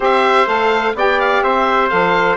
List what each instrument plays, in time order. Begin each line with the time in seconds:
0.00 bassoon C4, saxophone G4, trumpet C5, oboe E5
0.45 bassoon A3, saxophone A4, oboe F5
0.94 bassoon B3, saxophone G4, trumpet D5, oboe G5
1.20 oboe F5
1.42 bassoon C4, trumpet C5, oboe E5
1.89 bassoon F3, saxophone A4, oboe F5